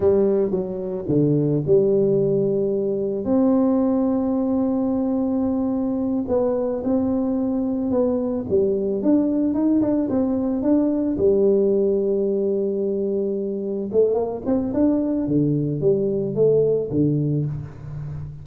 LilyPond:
\new Staff \with { instrumentName = "tuba" } { \time 4/4 \tempo 4 = 110 g4 fis4 d4 g4~ | g2 c'2~ | c'2.~ c'8 b8~ | b8 c'2 b4 g8~ |
g8 d'4 dis'8 d'8 c'4 d'8~ | d'8 g2.~ g8~ | g4. a8 ais8 c'8 d'4 | d4 g4 a4 d4 | }